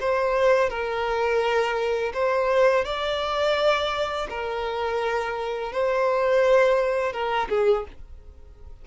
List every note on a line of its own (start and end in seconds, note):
0.00 0.69 C5
0.69 2.12 A#4
2.13 2.84 C5
2.84 4.27 D5
4.30 5.72 A#4
5.72 7.13 C5
7.13 7.48 A#4
7.49 7.85 G#4